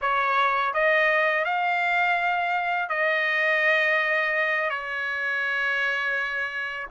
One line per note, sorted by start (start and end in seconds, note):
0.01 0.73 C#5
0.73 1.44 D#5
1.44 2.89 F5
2.89 4.70 D#5
4.70 6.87 C#5